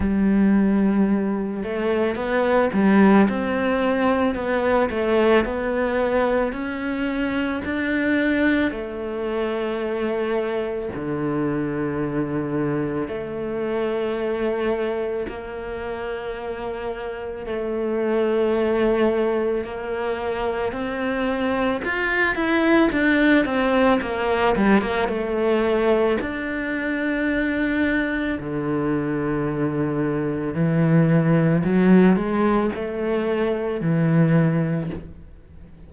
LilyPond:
\new Staff \with { instrumentName = "cello" } { \time 4/4 \tempo 4 = 55 g4. a8 b8 g8 c'4 | b8 a8 b4 cis'4 d'4 | a2 d2 | a2 ais2 |
a2 ais4 c'4 | f'8 e'8 d'8 c'8 ais8 g16 ais16 a4 | d'2 d2 | e4 fis8 gis8 a4 e4 | }